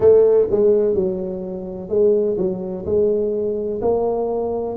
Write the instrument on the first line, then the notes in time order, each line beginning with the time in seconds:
tuba
0.00 A3
0.50 G#3
0.94 F#3
1.89 G#3
2.37 F#3
2.85 G#3
3.81 A#3